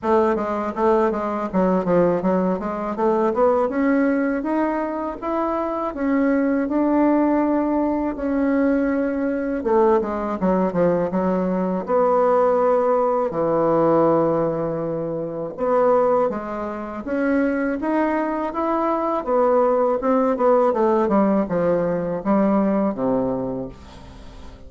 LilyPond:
\new Staff \with { instrumentName = "bassoon" } { \time 4/4 \tempo 4 = 81 a8 gis8 a8 gis8 fis8 f8 fis8 gis8 | a8 b8 cis'4 dis'4 e'4 | cis'4 d'2 cis'4~ | cis'4 a8 gis8 fis8 f8 fis4 |
b2 e2~ | e4 b4 gis4 cis'4 | dis'4 e'4 b4 c'8 b8 | a8 g8 f4 g4 c4 | }